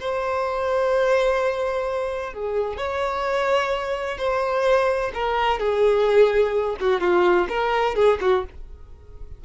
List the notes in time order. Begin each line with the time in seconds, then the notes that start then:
0.00 C5
2.34 G#4
2.77 C#5
4.18 C5
5.14 A#4
5.60 G#4
6.81 F#4
7.01 F4
7.49 A#4
7.96 G#4
8.21 F#4